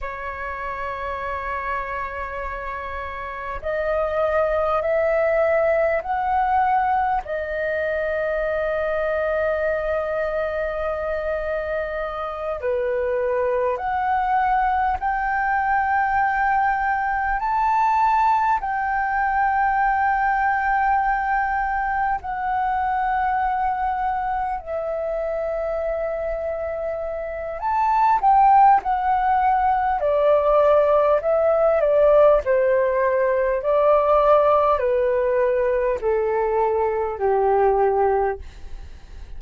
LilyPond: \new Staff \with { instrumentName = "flute" } { \time 4/4 \tempo 4 = 50 cis''2. dis''4 | e''4 fis''4 dis''2~ | dis''2~ dis''8 b'4 fis''8~ | fis''8 g''2 a''4 g''8~ |
g''2~ g''8 fis''4.~ | fis''8 e''2~ e''8 a''8 g''8 | fis''4 d''4 e''8 d''8 c''4 | d''4 b'4 a'4 g'4 | }